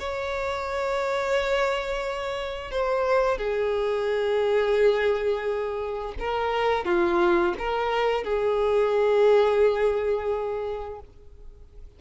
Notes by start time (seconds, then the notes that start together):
0.00 C#5
2.71 C5
3.38 G#4
6.20 A#4
6.85 F4
7.59 A#4
8.24 G#4